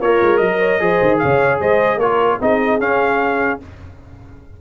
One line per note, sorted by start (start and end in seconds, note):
0.00 0.20 A#3
0.00 0.40 F4
0.00 0.80 A#4
0.00 0.38 C#5
0.22 0.40 G#3
0.38 0.80 F#3
0.38 0.59 A#4
0.38 1.18 D#5
0.59 0.79 C#5
0.80 1.00 F3
0.80 2.00 G#4
0.80 1.22 C5
1.02 1.22 D#3
1.19 1.60 C#3
1.19 1.60 C#5
1.19 1.59 F5
1.60 1.97 G#3
1.60 1.99 C5
1.60 2.00 D#5
1.97 2.37 A#3
1.97 2.40 F4
1.97 2.39 A#4
1.97 2.40 C#5
2.40 2.79 C4
2.40 2.80 D#4
2.40 3.61 G#4
2.40 2.81 D#5
2.79 3.59 C#4
2.79 3.60 C#4
2.79 3.61 F5